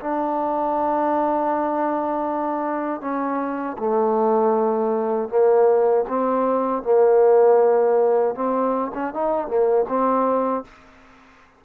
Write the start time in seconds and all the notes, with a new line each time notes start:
0.00 D4
3.01 C#4
3.78 A3
5.29 A#3
6.09 C4
6.83 A#3
8.35 C4
8.95 C#4
9.14 D#4
9.48 A#3
9.89 C4